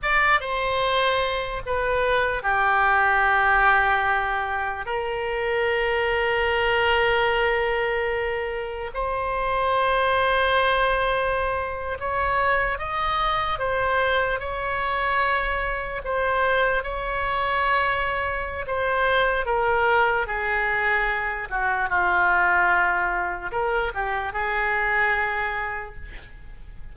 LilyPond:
\new Staff \with { instrumentName = "oboe" } { \time 4/4 \tempo 4 = 74 d''8 c''4. b'4 g'4~ | g'2 ais'2~ | ais'2. c''4~ | c''2~ c''8. cis''4 dis''16~ |
dis''8. c''4 cis''2 c''16~ | c''8. cis''2~ cis''16 c''4 | ais'4 gis'4. fis'8 f'4~ | f'4 ais'8 g'8 gis'2 | }